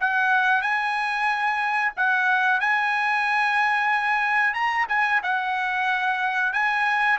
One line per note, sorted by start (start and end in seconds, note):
0.00 0.62 F#5
0.62 1.92 G#5
1.97 2.60 F#5
2.60 4.54 G#5
4.54 4.86 A#5
4.89 5.21 G#5
5.23 6.53 F#5
6.53 7.18 G#5